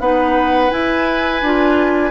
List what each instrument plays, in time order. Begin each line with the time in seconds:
0.00 bassoon B3, clarinet D#4, oboe B4, flute F#5
0.70 clarinet E4, bassoon E4, flute G#5
1.42 bassoon D4, clarinet F4